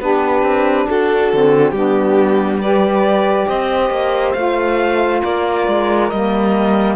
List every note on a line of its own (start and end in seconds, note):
0.00 0.42 B3
0.00 1.31 D4
0.00 0.87 G4
0.00 0.88 B4
0.42 0.86 C4
0.87 1.33 D4
0.87 1.74 F#4
0.87 1.71 A4
1.32 1.71 D3
1.32 1.75 C4
1.71 3.45 G3
1.71 2.62 B3
1.71 2.61 D4
1.71 2.58 G4
2.61 4.36 G4
2.61 3.48 B4
2.61 3.48 D5
3.48 3.90 C4
3.48 5.22 C5
3.48 4.33 D#5
3.90 4.33 A#3
4.33 5.22 A3
4.33 6.10 F4
4.33 5.20 F5
5.22 5.68 A#3
5.22 6.96 A#4
5.22 6.10 D5
5.68 6.11 G#3
6.10 6.96 G3
6.10 6.96 A#3
6.10 6.96 D#5